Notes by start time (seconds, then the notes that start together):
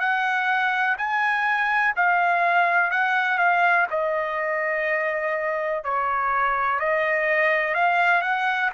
0.00 F#5
0.98 G#5
1.97 F5
2.92 F#5
3.38 F5
3.91 D#5
5.84 C#5
6.80 D#5
7.75 F5
8.22 F#5